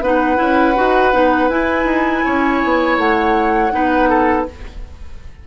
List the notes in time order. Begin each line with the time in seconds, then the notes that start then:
0.00 B3 D#4 B4 F#5
0.37 C#4 E4
0.76 D#4 F#4
1.13 B3 D#4
1.49 E4 G#5
1.84 D#4
2.25 C#4 C#5
2.63 B3
2.97 A3 F#5
3.72 B3 D#4 B4
4.09 A4